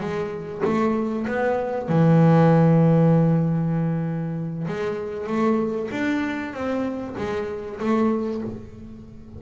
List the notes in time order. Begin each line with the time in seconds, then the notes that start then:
0.00 G#3
0.64 A3
1.27 B3
1.89 E3
4.67 G#3
5.27 A3
5.91 D4
6.53 C4
7.18 G#3
7.80 A3